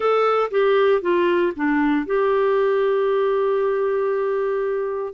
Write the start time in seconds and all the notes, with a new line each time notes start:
0.00 A4
0.51 G4
1.01 F4
1.55 D4
2.06 G4